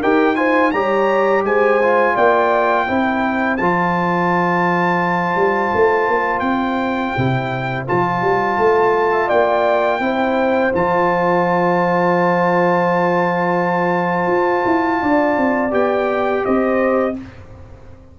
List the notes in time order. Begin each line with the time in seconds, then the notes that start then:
0.00 D#4 G4 A#4 G5
0.36 F4 C5 G#5
0.72 G3 G4 C#5 A#5
1.44 G#3 C5 G#5
1.83 F4
2.15 A#3 D5 G5
2.86 C4 E4 C5
3.57 F3 F4 A5
5.36 G3
5.75 A3
6.09 A#3
6.40 C4 G5
7.17 C3 E4
7.87 F3 F4 A5
8.22 G3
8.58 A3
9.12 E5
9.28 A#3 D5 G5
10.00 C4 E4 C5
10.73 F3 F4 A5
14.27 F4
14.66 E4
15.02 D4 D5
15.37 C4
15.71 B3 G4 G5
16.45 C4 C5 D#5